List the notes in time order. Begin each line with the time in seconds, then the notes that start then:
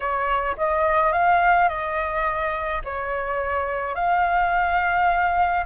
0.00 C#5
0.57 D#5
1.12 F5
1.68 D#5
2.84 C#5
3.95 F5